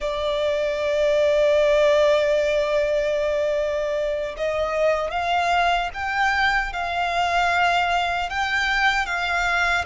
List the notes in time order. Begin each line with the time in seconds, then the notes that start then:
0.00 D5
4.37 D#5
5.10 F5
5.93 G5
6.72 F5
8.29 G5
9.05 F5